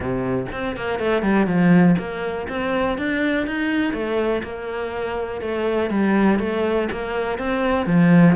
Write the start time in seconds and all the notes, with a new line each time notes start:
0.00 C3
0.52 C4
0.76 A#3
0.99 A3
1.22 G3
1.46 F3
1.98 A#3
2.48 C4
2.98 D4
3.46 D#4
3.93 A3
4.43 A#3
5.41 A3
5.89 G3
6.39 A3
6.91 A#3
7.38 C4
7.86 F3